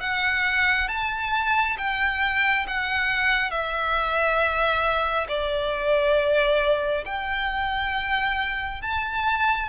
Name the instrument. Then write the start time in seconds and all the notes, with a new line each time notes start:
violin
0.00 F#5
0.88 A5
1.78 G5
2.68 F#5
3.51 E5
5.28 D5
7.05 G5
8.82 A5